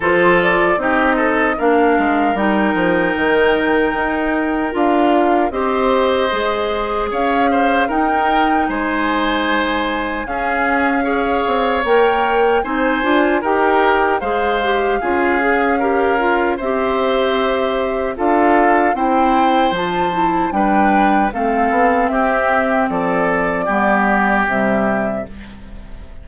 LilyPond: <<
  \new Staff \with { instrumentName = "flute" } { \time 4/4 \tempo 4 = 76 c''8 d''8 dis''4 f''4 g''4~ | g''2 f''4 dis''4~ | dis''4 f''4 g''4 gis''4~ | gis''4 f''2 g''4 |
gis''4 g''4 f''2~ | f''4 e''2 f''4 | g''4 a''4 g''4 f''4 | e''4 d''2 e''4 | }
  \new Staff \with { instrumentName = "oboe" } { \time 4/4 a'4 g'8 a'8 ais'2~ | ais'2. c''4~ | c''4 cis''8 c''8 ais'4 c''4~ | c''4 gis'4 cis''2 |
c''4 ais'4 c''4 gis'4 | ais'4 c''2 a'4 | c''2 b'4 a'4 | g'4 a'4 g'2 | }
  \new Staff \with { instrumentName = "clarinet" } { \time 4/4 f'4 dis'4 d'4 dis'4~ | dis'2 f'4 g'4 | gis'2 dis'2~ | dis'4 cis'4 gis'4 ais'4 |
dis'8 f'8 g'4 gis'8 g'8 f'8 gis'8 | g'8 f'8 g'2 f'4 | e'4 f'8 e'8 d'4 c'4~ | c'2 b4 g4 | }
  \new Staff \with { instrumentName = "bassoon" } { \time 4/4 f4 c'4 ais8 gis8 g8 f8 | dis4 dis'4 d'4 c'4 | gis4 cis'4 dis'4 gis4~ | gis4 cis'4. c'8 ais4 |
c'8 d'8 dis'4 gis4 cis'4~ | cis'4 c'2 d'4 | c'4 f4 g4 a8 b8 | c'4 f4 g4 c4 | }
>>